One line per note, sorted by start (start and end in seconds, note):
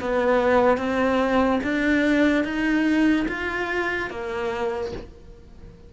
0.00 0.77 B3
0.77 1.60 C4
1.63 2.44 D4
2.44 3.26 D#4
3.28 4.10 F4
4.10 4.92 A#3